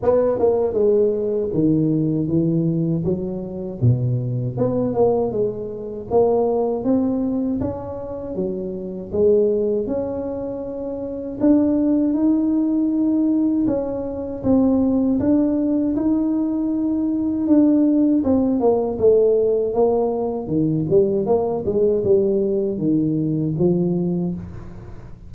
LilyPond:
\new Staff \with { instrumentName = "tuba" } { \time 4/4 \tempo 4 = 79 b8 ais8 gis4 dis4 e4 | fis4 b,4 b8 ais8 gis4 | ais4 c'4 cis'4 fis4 | gis4 cis'2 d'4 |
dis'2 cis'4 c'4 | d'4 dis'2 d'4 | c'8 ais8 a4 ais4 dis8 g8 | ais8 gis8 g4 dis4 f4 | }